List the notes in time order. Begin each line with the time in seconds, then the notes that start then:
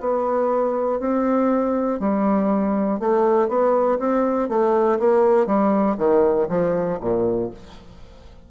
0.00 B3
1.00 C4
2.00 G3
3.00 A3
3.48 B3
3.99 C4
4.49 A3
4.99 A#3
5.47 G3
5.98 D#3
6.49 F3
7.00 A#2